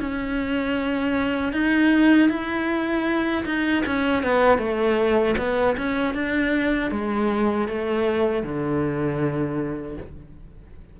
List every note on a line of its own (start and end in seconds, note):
0.00 1.53 C#4
1.53 2.29 D#4
2.29 3.45 E4
3.45 3.84 D#4
3.86 4.23 C#4
4.23 4.58 B3
4.58 5.35 A3
5.38 5.76 B3
5.77 6.14 C#4
6.14 6.91 D4
6.91 7.68 G#3
7.68 8.43 A3
8.43 9.97 D3